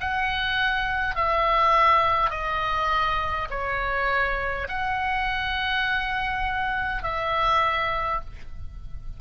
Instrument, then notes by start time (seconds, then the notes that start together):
oboe
0.00 F#5
1.15 E5
2.30 D#5
3.50 C#5
4.68 F#5
7.03 E5